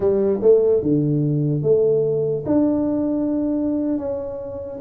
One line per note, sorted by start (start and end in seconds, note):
0.00 0.40 G3
0.41 0.81 A3
0.81 1.62 D3
1.62 2.44 A3
2.46 3.98 D4
3.98 4.79 C#4